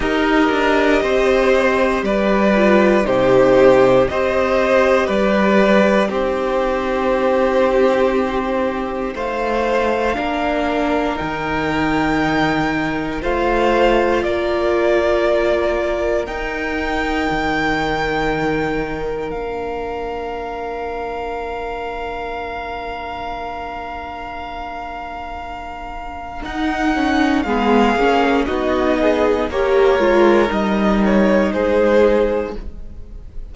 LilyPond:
<<
  \new Staff \with { instrumentName = "violin" } { \time 4/4 \tempo 4 = 59 dis''2 d''4 c''4 | dis''4 d''4 c''2~ | c''4 f''2 g''4~ | g''4 f''4 d''2 |
g''2. f''4~ | f''1~ | f''2 fis''4 f''4 | dis''4 cis''4 dis''8 cis''8 c''4 | }
  \new Staff \with { instrumentName = "violin" } { \time 4/4 ais'4 c''4 b'4 g'4 | c''4 b'4 g'2~ | g'4 c''4 ais'2~ | ais'4 c''4 ais'2~ |
ais'1~ | ais'1~ | ais'2. gis'4 | fis'8 gis'8 ais'2 gis'4 | }
  \new Staff \with { instrumentName = "viola" } { \time 4/4 g'2~ g'8 f'8 dis'4 | g'2 dis'2~ | dis'2 d'4 dis'4~ | dis'4 f'2. |
dis'2. d'4~ | d'1~ | d'2 dis'8 cis'8 b8 cis'8 | dis'4 g'8 f'8 dis'2 | }
  \new Staff \with { instrumentName = "cello" } { \time 4/4 dis'8 d'8 c'4 g4 c4 | c'4 g4 c'2~ | c'4 a4 ais4 dis4~ | dis4 a4 ais2 |
dis'4 dis2 ais4~ | ais1~ | ais2 dis'4 gis8 ais8 | b4 ais8 gis8 g4 gis4 | }
>>